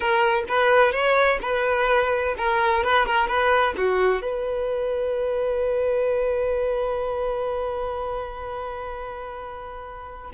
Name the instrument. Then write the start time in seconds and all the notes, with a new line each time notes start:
violin
0.00 A#4
0.48 B4
0.92 C#5
1.41 B4
2.37 A#4
2.83 B4
3.06 A#4
3.27 B4
3.77 F#4
4.21 B4